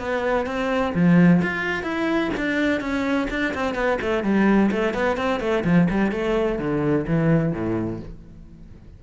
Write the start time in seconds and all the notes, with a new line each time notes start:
0.00 B3
0.47 C4
0.95 F3
1.43 F4
1.83 E4
2.38 D4
2.81 C#4
3.30 D4
3.55 C4
3.75 B3
4.02 A3
4.24 G3
4.72 A3
4.94 B3
5.18 C4
5.41 A3
5.65 F3
5.91 G3
6.12 A3
6.59 D3
7.08 E3
7.53 A2